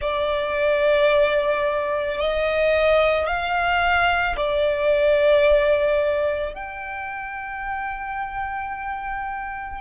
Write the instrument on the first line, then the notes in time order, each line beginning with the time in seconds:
violin
0.00 D5
2.18 D#5
3.27 F5
4.36 D5
6.54 G5